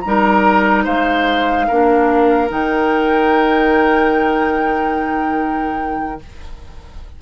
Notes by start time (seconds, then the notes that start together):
0.00 G3 D#4 A#5
0.07 A#4
0.84 G#3 C5 F5
1.68 A#3 D4 A#4
2.48 D#3 D#4 G5